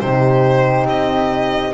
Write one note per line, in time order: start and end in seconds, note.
0.00 0.85 C3
0.00 1.74 D#4
0.00 1.74 G4
0.00 0.87 C5
0.85 1.72 C4
0.85 1.74 D#5